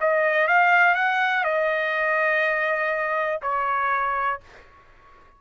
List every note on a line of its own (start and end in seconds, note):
0.00 0.47 D#5
0.47 0.94 F5
0.94 1.44 F#5
1.44 3.40 D#5
3.42 4.40 C#5